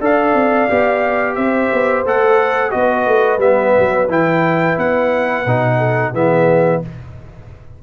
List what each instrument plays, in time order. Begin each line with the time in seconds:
0.00 tuba D4, trombone A4, horn D5, trumpet F5
0.33 tuba C4
0.68 tuba B3, trombone G4
1.35 tuba C4, horn C5, trumpet E5
1.72 tuba B3
2.05 tuba A3, trombone A4, trumpet F#5
2.70 tuba B3, trombone F#4, trumpet D#5
2.76 horn B4
3.07 tuba A3
3.38 tuba G3, trombone B3, trumpet E5
3.78 tuba F#3
4.08 tuba E3, trombone E4, trumpet G5
4.77 tuba B3, trumpet F#5
5.45 tuba B2, trombone D#4
5.77 horn A4
6.12 tuba E3, trombone B3, horn G#4, trumpet E5